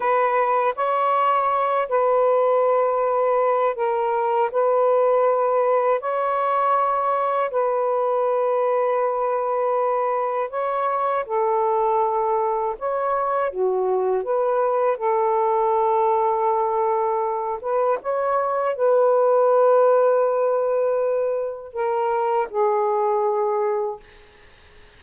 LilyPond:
\new Staff \with { instrumentName = "saxophone" } { \time 4/4 \tempo 4 = 80 b'4 cis''4. b'4.~ | b'4 ais'4 b'2 | cis''2 b'2~ | b'2 cis''4 a'4~ |
a'4 cis''4 fis'4 b'4 | a'2.~ a'8 b'8 | cis''4 b'2.~ | b'4 ais'4 gis'2 | }